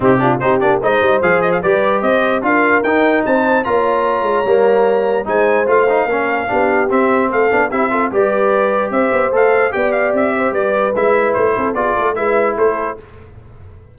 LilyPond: <<
  \new Staff \with { instrumentName = "trumpet" } { \time 4/4 \tempo 4 = 148 g'4 c''8 d''8 dis''4 f''8 dis''16 f''16 | d''4 dis''4 f''4 g''4 | a''4 ais''2.~ | ais''4 gis''4 f''2~ |
f''4 e''4 f''4 e''4 | d''2 e''4 f''4 | g''8 f''8 e''4 d''4 e''4 | c''4 d''4 e''4 c''4 | }
  \new Staff \with { instrumentName = "horn" } { \time 4/4 dis'8 f'8 g'4 c''2 | b'4 c''4 ais'2 | c''4 cis''2.~ | cis''4 c''2 ais'4 |
g'2 a'4 g'8 a'8 | b'2 c''2 | d''4. c''8 b'2~ | b'8 a'8 gis'8 a'8 b'4 a'4 | }
  \new Staff \with { instrumentName = "trombone" } { \time 4/4 c'8 d'8 dis'8 d'8 dis'4 gis'4 | g'2 f'4 dis'4~ | dis'4 f'2 ais4~ | ais4 dis'4 f'8 dis'8 cis'4 |
d'4 c'4. d'8 e'8 f'8 | g'2. a'4 | g'2. e'4~ | e'4 f'4 e'2 | }
  \new Staff \with { instrumentName = "tuba" } { \time 4/4 c4 c'8 ais8 gis8 g8 f4 | g4 c'4 d'4 dis'4 | c'4 ais4. gis8 g4~ | g4 gis4 a4 ais4 |
b4 c'4 a8 b8 c'4 | g2 c'8 b8 a4 | b4 c'4 g4 gis4 | a8 c'8 b8 a8 gis4 a4 | }
>>